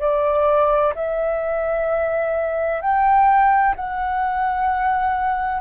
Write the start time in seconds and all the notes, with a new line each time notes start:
0.00 D5
0.95 E5
2.81 G5
3.76 F#5